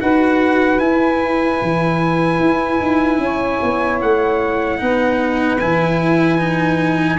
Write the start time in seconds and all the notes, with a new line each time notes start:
0.00 D#4 F#4 B4 F#5
0.79 E4 G#5
1.62 E3
2.39 E4
2.80 D#4
3.17 C#4 C#5
3.62 B3
4.01 A3 F#5
4.78 B3 D#4 B4
5.59 E3 E4 G#5
6.38 D#4